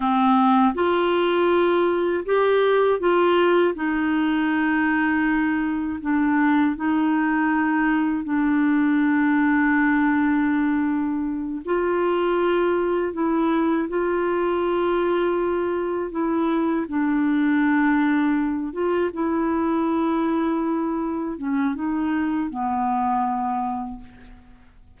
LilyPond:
\new Staff \with { instrumentName = "clarinet" } { \time 4/4 \tempo 4 = 80 c'4 f'2 g'4 | f'4 dis'2. | d'4 dis'2 d'4~ | d'2.~ d'8 f'8~ |
f'4. e'4 f'4.~ | f'4. e'4 d'4.~ | d'4 f'8 e'2~ e'8~ | e'8 cis'8 dis'4 b2 | }